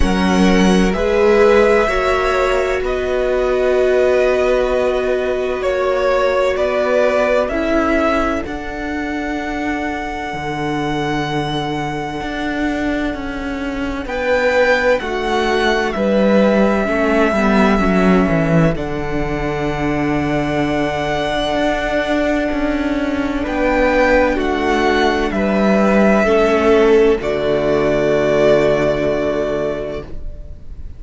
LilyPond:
<<
  \new Staff \with { instrumentName = "violin" } { \time 4/4 \tempo 4 = 64 fis''4 e''2 dis''4~ | dis''2 cis''4 d''4 | e''4 fis''2.~ | fis''2. g''4 |
fis''4 e''2. | fis''1~ | fis''4 g''4 fis''4 e''4~ | e''4 d''2. | }
  \new Staff \with { instrumentName = "violin" } { \time 4/4 ais'4 b'4 cis''4 b'4~ | b'2 cis''4 b'4 | a'1~ | a'2. b'4 |
fis'4 b'4 a'2~ | a'1~ | a'4 b'4 fis'4 b'4 | a'4 fis'2. | }
  \new Staff \with { instrumentName = "viola" } { \time 4/4 cis'4 gis'4 fis'2~ | fis'1 | e'4 d'2.~ | d'1~ |
d'2 cis'8 b8 cis'4 | d'1~ | d'1 | cis'4 a2. | }
  \new Staff \with { instrumentName = "cello" } { \time 4/4 fis4 gis4 ais4 b4~ | b2 ais4 b4 | cis'4 d'2 d4~ | d4 d'4 cis'4 b4 |
a4 g4 a8 g8 fis8 e8 | d2. d'4 | cis'4 b4 a4 g4 | a4 d2. | }
>>